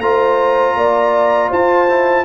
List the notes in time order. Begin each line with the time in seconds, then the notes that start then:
0.00 A3 F4 C5 A#5
0.75 A#3 D5
1.50 F4 C5 A5
1.89 E4